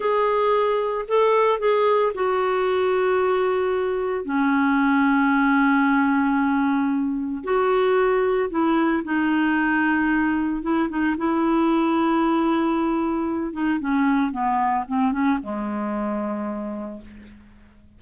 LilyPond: \new Staff \with { instrumentName = "clarinet" } { \time 4/4 \tempo 4 = 113 gis'2 a'4 gis'4 | fis'1 | cis'1~ | cis'2 fis'2 |
e'4 dis'2. | e'8 dis'8 e'2.~ | e'4. dis'8 cis'4 b4 | c'8 cis'8 gis2. | }